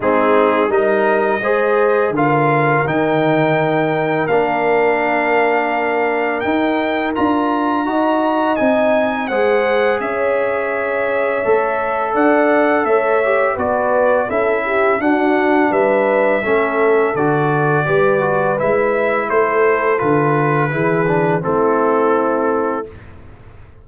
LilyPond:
<<
  \new Staff \with { instrumentName = "trumpet" } { \time 4/4 \tempo 4 = 84 gis'4 dis''2 f''4 | g''2 f''2~ | f''4 g''4 ais''2 | gis''4 fis''4 e''2~ |
e''4 fis''4 e''4 d''4 | e''4 fis''4 e''2 | d''2 e''4 c''4 | b'2 a'2 | }
  \new Staff \with { instrumentName = "horn" } { \time 4/4 dis'4 ais'4 c''4 ais'4~ | ais'1~ | ais'2. dis''4~ | dis''4 c''4 cis''2~ |
cis''4 d''4 cis''4 b'4 | a'8 g'8 fis'4 b'4 a'4~ | a'4 b'2 a'4~ | a'4 gis'4 e'2 | }
  \new Staff \with { instrumentName = "trombone" } { \time 4/4 c'4 dis'4 gis'4 f'4 | dis'2 d'2~ | d'4 dis'4 f'4 fis'4 | dis'4 gis'2. |
a'2~ a'8 g'8 fis'4 | e'4 d'2 cis'4 | fis'4 g'8 fis'8 e'2 | f'4 e'8 d'8 c'2 | }
  \new Staff \with { instrumentName = "tuba" } { \time 4/4 gis4 g4 gis4 d4 | dis2 ais2~ | ais4 dis'4 d'4 dis'4 | c'4 gis4 cis'2 |
a4 d'4 a4 b4 | cis'4 d'4 g4 a4 | d4 g4 gis4 a4 | d4 e4 a2 | }
>>